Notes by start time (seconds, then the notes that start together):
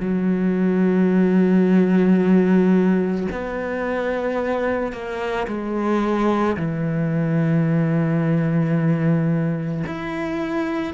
0.00 F#3
3.32 B3
4.93 A#3
5.47 G#3
6.58 E3
9.87 E4